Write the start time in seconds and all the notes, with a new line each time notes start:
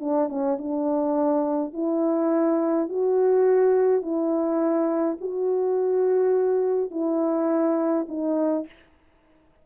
0.00 D4
0.29 C#4
0.58 D4
1.74 E4
2.89 F#4
4.02 E4
5.21 F#4
6.91 E4
8.08 D#4